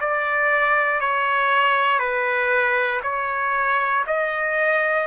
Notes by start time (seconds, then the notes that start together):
0.00 D5
1.00 C#5
1.99 B4
3.03 C#5
4.06 D#5